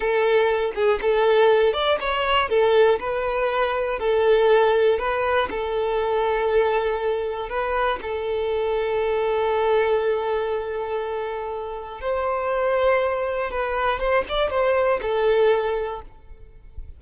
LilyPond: \new Staff \with { instrumentName = "violin" } { \time 4/4 \tempo 4 = 120 a'4. gis'8 a'4. d''8 | cis''4 a'4 b'2 | a'2 b'4 a'4~ | a'2. b'4 |
a'1~ | a'1 | c''2. b'4 | c''8 d''8 c''4 a'2 | }